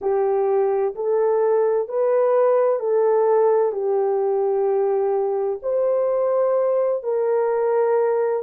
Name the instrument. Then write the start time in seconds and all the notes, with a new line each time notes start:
horn
0.01 G4
0.95 A4
1.88 B4
2.79 A4
3.72 G4
5.62 C5
7.03 A#4